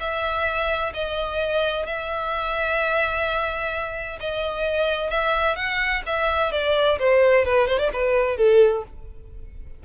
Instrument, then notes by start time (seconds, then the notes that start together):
violin
0.00 E5
0.94 D#5
1.87 E5
4.21 D#5
5.11 E5
5.56 F#5
6.06 E5
6.52 D5
6.99 C5
7.45 B4
7.68 C5
7.79 D5
7.93 B4
8.37 A4